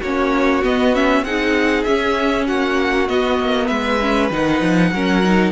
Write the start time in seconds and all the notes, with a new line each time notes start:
0.00 A#3 C#4 F#4 C#5
0.63 B3 D#5
0.94 C#4 E5
1.22 C4 D#4 G#4 F#5
1.83 C#4 E5
2.47 A#3 F#4 F#5
3.08 B3 D#5
3.39 A#3
3.67 G#3 B4 E5
4.00 C#4
4.30 D#3 D#4 F#5
4.60 F3
4.92 F#3 C#4 A#4
5.24 D#4